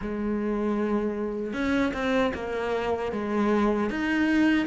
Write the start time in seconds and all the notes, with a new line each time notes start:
0.01 G#3
1.53 C#4
1.93 C4
2.34 A#3
3.12 G#3
3.90 D#4